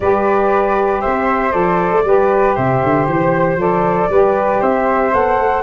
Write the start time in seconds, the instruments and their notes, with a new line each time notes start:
0.00 tuba G3, saxophone G4, flute B4 D5
1.01 tuba C4, flute C5 E5
1.51 tuba F3, saxophone A4, flute D5
1.92 tuba A3
2.04 tuba G3, saxophone G4, flute B4
2.55 tuba C3, flute C5 E5
2.83 tuba D3
3.07 tuba E3, flute C5
3.56 tuba F3, saxophone A4, flute D5
4.09 tuba G3, saxophone G4, flute B4
4.60 tuba C4, flute C5 E5
5.11 tuba B3, saxophone A4, flute F#5
5.37 tuba A3